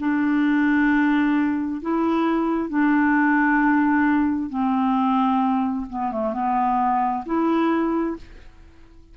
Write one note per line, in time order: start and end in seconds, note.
0.00 1.82 D4
1.82 2.69 E4
2.69 4.50 D4
4.50 5.86 C4
5.90 6.12 B3
6.12 6.33 A3
6.33 7.24 B3
7.26 8.17 E4